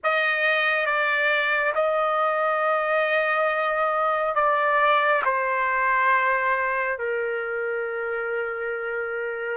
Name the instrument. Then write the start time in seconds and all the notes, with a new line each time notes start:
trumpet
0.03 D#5
0.85 D5
1.74 D#5
4.35 D5
5.24 C5
6.98 A#4